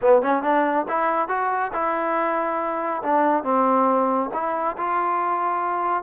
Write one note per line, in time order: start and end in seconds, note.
0.01 0.22 B3
0.22 0.42 C#4
0.42 0.86 D4
0.88 1.28 E4
1.28 1.71 F#4
1.73 3.02 E4
3.02 3.43 D4
3.43 4.30 C4
4.33 4.76 E4
4.77 6.03 F4